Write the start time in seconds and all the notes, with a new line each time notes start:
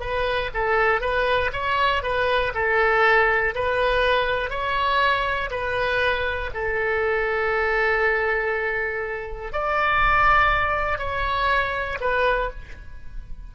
0.00 B4
0.54 A4
1.00 B4
1.52 C#5
2.02 B4
2.55 A4
3.55 B4
4.50 C#5
5.50 B4
6.54 A4
9.52 D5
10.98 C#5
12.00 B4